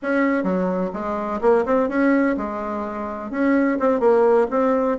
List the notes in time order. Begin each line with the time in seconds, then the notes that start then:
0.02 C#4
0.43 F#3
0.93 G#3
1.41 A#3
1.65 C4
1.88 C#4
2.37 G#3
3.30 C#4
3.79 C4
3.99 A#3
4.50 C4